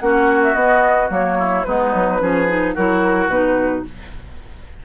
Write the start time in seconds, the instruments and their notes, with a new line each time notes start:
0.00 bassoon A#3, clarinet C#4, oboe F#4, flute F#5
0.43 flute E5
0.54 bassoon B3, clarinet B3, flute D#5
1.09 bassoon F#3, clarinet A#3, flute C#5
1.39 oboe E4
1.65 bassoon G#3, clarinet B3, oboe D#4, flute B4
1.94 bassoon F#3
2.20 bassoon F3, clarinet C#4, oboe G#4
2.48 clarinet D#4
2.75 bassoon F#3, clarinet E4, oboe F#4, flute A#4
3.28 bassoon B2, clarinet D#4, flute B4